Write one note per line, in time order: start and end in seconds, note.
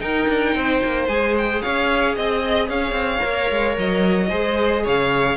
0.00 1.07 D#4
0.00 0.28 D#4
0.00 0.56 A#4
0.00 1.07 G5
0.28 0.55 D4
0.55 0.82 C4
0.55 1.63 C5
0.84 1.08 A#3
1.08 1.61 G#3
1.08 3.19 G#4
1.08 1.35 G#5
1.38 1.62 G5
1.62 2.17 C#4
1.62 2.17 C#5
1.62 2.15 F5
2.16 2.69 C4
2.16 2.69 D#5
2.69 2.92 C#4
2.69 4.29 C#5
2.69 3.77 F5
2.92 3.19 C4
3.19 3.50 A#3
3.19 4.26 A#4
3.50 3.77 G#3
3.78 4.31 F#3
3.78 4.86 D#5
4.29 4.86 G#3
4.29 5.37 G#4
4.29 4.83 C5
4.84 5.37 C#3
4.84 5.37 C#5
4.84 5.37 F5